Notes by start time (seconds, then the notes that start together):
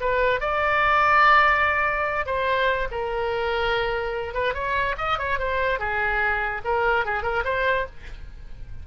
0.00 B4
0.40 D5
2.26 C5
2.91 A#4
4.34 B4
4.54 C#5
4.97 D#5
5.18 C#5
5.39 C5
5.79 G#4
6.64 A#4
7.05 G#4
7.22 A#4
7.44 C5